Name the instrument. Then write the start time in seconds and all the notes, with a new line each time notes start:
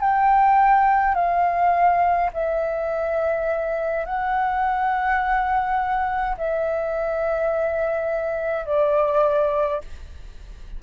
flute
0.00 G5
1.14 F5
2.33 E5
4.05 F#5
6.37 E5
8.65 D5